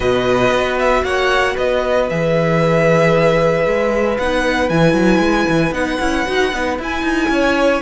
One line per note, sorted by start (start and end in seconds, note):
0.00 0.50 B2
0.00 2.09 F#4
0.00 1.02 B4
0.00 0.78 D#5
0.50 1.03 B3
0.78 1.04 E5
1.03 1.56 A#3
1.03 1.54 C#5
1.03 1.56 F#5
1.54 2.09 B3
1.54 7.28 B4
1.54 2.09 D#5
2.09 3.66 E3
2.09 4.19 G#4
2.09 4.17 E5
3.66 4.18 G#3
4.17 4.69 B3
4.17 4.71 D#4
4.17 4.69 F#5
4.69 4.93 E3
4.69 5.73 E4
4.69 5.73 G#5
4.93 5.18 F#3
5.18 5.44 G#3
5.49 5.71 E3
5.71 5.97 B3
5.71 5.99 D#4
5.71 6.78 F#5
5.99 6.27 C#4
5.99 6.26 E4
6.26 6.52 D#4
6.26 6.52 F#4
6.52 6.78 B3
6.52 6.79 D#4
6.78 7.02 E4
6.78 7.82 E4
6.78 7.82 G#5
7.02 7.28 D#4
7.28 7.80 C#4
7.28 7.82 C#5